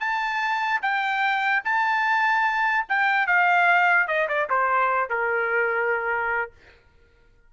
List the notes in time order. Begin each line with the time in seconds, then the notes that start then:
0.00 A5
0.82 G5
1.65 A5
2.89 G5
3.27 F5
4.08 D#5
4.28 D5
4.50 C5
5.10 A#4